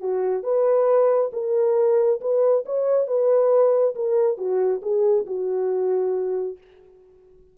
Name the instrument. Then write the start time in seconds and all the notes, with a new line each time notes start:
horn
0.00 F#4
0.43 B4
1.33 A#4
2.21 B4
2.65 C#5
3.07 B4
3.95 A#4
4.38 F#4
4.82 G#4
5.26 F#4